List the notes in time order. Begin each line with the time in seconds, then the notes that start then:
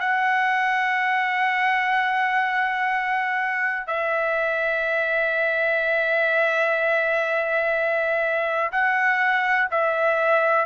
0.00 F#5
3.88 E5
8.72 F#5
9.71 E5